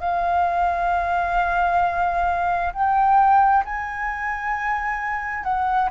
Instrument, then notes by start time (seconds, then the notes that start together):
flute
0.00 F5
2.73 G5
3.65 G#5
5.43 F#5